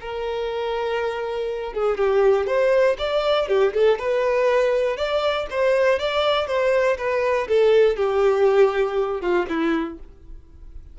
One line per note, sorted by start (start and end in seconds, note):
0.00 1.73 A#4
1.73 1.97 G#4
1.97 2.47 G4
2.47 2.97 C5
2.98 3.48 D5
3.48 3.73 G4
3.73 3.98 A4
3.98 4.96 B4
4.96 5.46 D5
5.50 5.99 C5
5.99 6.47 D5
6.47 6.97 C5
6.97 7.47 B4
7.47 7.96 A4
7.96 9.21 G4
9.21 9.46 F4
9.48 9.98 E4